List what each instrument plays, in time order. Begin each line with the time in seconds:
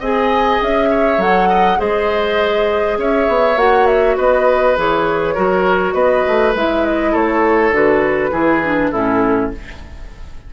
0.00 bassoon C4, clarinet G#4, oboe D#5, flute G#5
0.62 bassoon C#4, flute E5
0.90 oboe C#5
1.18 bassoon F#3, clarinet A4, flute F#5
1.49 oboe D#5
1.77 bassoon G#3, clarinet G#4, oboe C5, flute D#5
2.98 bassoon C#4, oboe C#5, flute E5
3.28 bassoon B3
3.56 bassoon A#3, clarinet F#4, flute F#5
3.87 flute E5
4.17 bassoon B3, oboe B4, flute D#5
4.76 bassoon E3, clarinet G#4, flute C#5
5.35 bassoon F#3, clarinet F#4, oboe A#4
5.94 bassoon B3, oboe B4, flute D#5
6.28 bassoon A3
6.55 bassoon G#3, clarinet E4, flute E5
6.86 flute D#5
7.12 bassoon A3, oboe A4, flute C#5
7.71 bassoon D3, clarinet F#4, flute B4
8.31 bassoon E3, clarinet E4, oboe G#4
8.64 clarinet D4
8.91 bassoon A2, clarinet C#4, oboe E4, flute A4